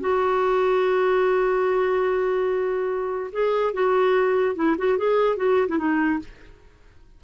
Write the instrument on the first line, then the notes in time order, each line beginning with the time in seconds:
clarinet
0.00 F#4
3.32 G#4
3.73 F#4
4.55 E4
4.78 F#4
4.98 G#4
5.36 F#4
5.68 E4
5.78 D#4